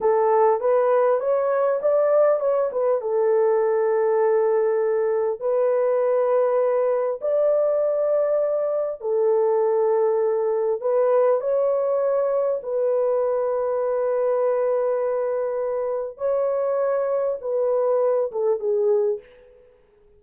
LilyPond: \new Staff \with { instrumentName = "horn" } { \time 4/4 \tempo 4 = 100 a'4 b'4 cis''4 d''4 | cis''8 b'8 a'2.~ | a'4 b'2. | d''2. a'4~ |
a'2 b'4 cis''4~ | cis''4 b'2.~ | b'2. cis''4~ | cis''4 b'4. a'8 gis'4 | }